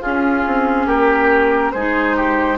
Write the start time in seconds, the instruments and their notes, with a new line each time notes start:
0.00 bassoon C#4, clarinet C#4, oboe F4, flute G#4
0.46 bassoon C4
0.86 bassoon A#3, oboe G4, flute A#4
1.72 bassoon G#3, clarinet D#4, oboe G#4, flute C5
2.16 oboe G4